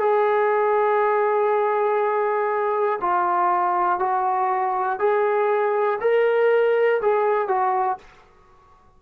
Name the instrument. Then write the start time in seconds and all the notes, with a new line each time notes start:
trombone
0.00 G#4
3.01 F4
4.00 F#4
5.00 G#4
6.01 A#4
7.02 G#4
7.48 F#4